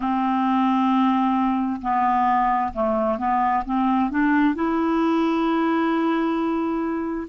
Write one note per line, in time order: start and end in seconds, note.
0.00 1.81 C4
1.81 2.72 B3
2.73 3.18 A3
3.18 3.63 B3
3.65 4.10 C4
4.10 4.55 D4
4.55 7.27 E4